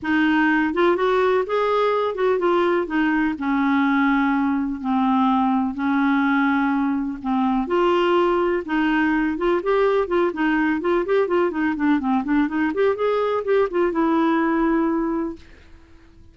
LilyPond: \new Staff \with { instrumentName = "clarinet" } { \time 4/4 \tempo 4 = 125 dis'4. f'8 fis'4 gis'4~ | gis'8 fis'8 f'4 dis'4 cis'4~ | cis'2 c'2 | cis'2. c'4 |
f'2 dis'4. f'8 | g'4 f'8 dis'4 f'8 g'8 f'8 | dis'8 d'8 c'8 d'8 dis'8 g'8 gis'4 | g'8 f'8 e'2. | }